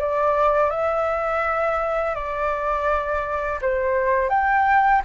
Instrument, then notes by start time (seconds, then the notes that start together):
flute
0.00 D5
0.71 E5
2.15 D5
3.62 C5
4.30 G5